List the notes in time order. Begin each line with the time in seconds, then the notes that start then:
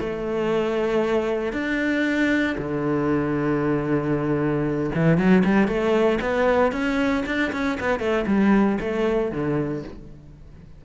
0.00 A3
1.53 D4
2.58 D3
4.95 E3
5.18 F#3
5.45 G3
5.68 A3
6.22 B3
6.72 C#4
7.26 D4
7.53 C#4
7.80 B3
8.00 A3
8.27 G3
8.81 A3
9.32 D3